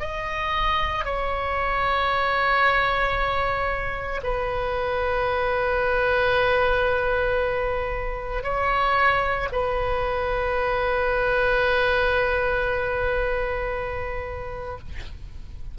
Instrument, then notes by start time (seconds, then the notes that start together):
oboe
0.00 D#5
1.05 C#5
4.23 B4
8.44 C#5
9.52 B4